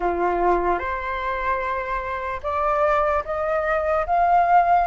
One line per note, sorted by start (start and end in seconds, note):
0.00 0.79 F4
0.79 2.41 C5
2.42 3.23 D5
3.24 4.05 D#5
4.06 4.86 F5